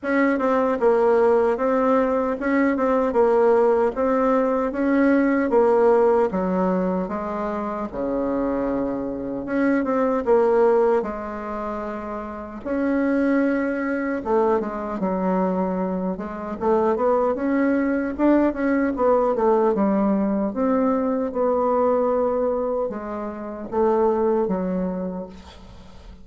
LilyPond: \new Staff \with { instrumentName = "bassoon" } { \time 4/4 \tempo 4 = 76 cis'8 c'8 ais4 c'4 cis'8 c'8 | ais4 c'4 cis'4 ais4 | fis4 gis4 cis2 | cis'8 c'8 ais4 gis2 |
cis'2 a8 gis8 fis4~ | fis8 gis8 a8 b8 cis'4 d'8 cis'8 | b8 a8 g4 c'4 b4~ | b4 gis4 a4 fis4 | }